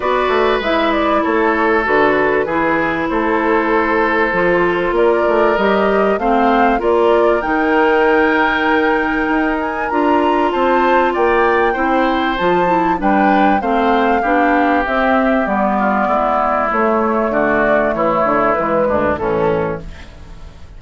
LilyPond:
<<
  \new Staff \with { instrumentName = "flute" } { \time 4/4 \tempo 4 = 97 d''4 e''8 d''8 cis''4 b'4~ | b'4 c''2. | d''4 dis''4 f''4 d''4 | g''2.~ g''8 gis''8 |
ais''4 a''4 g''2 | a''4 g''4 f''2 | e''4 d''2 cis''4 | d''4 cis''4 b'4 a'4 | }
  \new Staff \with { instrumentName = "oboe" } { \time 4/4 b'2 a'2 | gis'4 a'2. | ais'2 c''4 ais'4~ | ais'1~ |
ais'4 c''4 d''4 c''4~ | c''4 b'4 c''4 g'4~ | g'4. f'8 e'2 | fis'4 e'4. d'8 cis'4 | }
  \new Staff \with { instrumentName = "clarinet" } { \time 4/4 fis'4 e'2 fis'4 | e'2. f'4~ | f'4 g'4 c'4 f'4 | dis'1 |
f'2. e'4 | f'8 e'8 d'4 c'4 d'4 | c'4 b2 a4~ | a2 gis4 e4 | }
  \new Staff \with { instrumentName = "bassoon" } { \time 4/4 b8 a8 gis4 a4 d4 | e4 a2 f4 | ais8 a8 g4 a4 ais4 | dis2. dis'4 |
d'4 c'4 ais4 c'4 | f4 g4 a4 b4 | c'4 g4 gis4 a4 | d4 e8 d8 e8 d,8 a,4 | }
>>